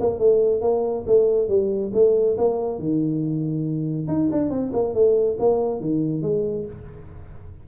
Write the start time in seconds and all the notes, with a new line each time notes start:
0.00 A#3
0.19 A3
0.61 A#3
1.07 A3
1.48 G3
1.94 A3
2.38 A#3
2.79 D#3
4.08 D#4
4.32 D4
4.50 C4
4.73 A#3
4.94 A3
5.39 A#3
5.80 D#3
6.22 G#3